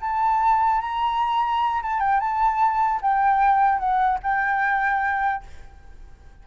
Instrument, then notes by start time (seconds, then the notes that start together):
flute
0.00 A5
0.81 A#5
1.82 A5
2.00 G5
2.20 A5
3.01 G5
3.79 F#5
4.22 G5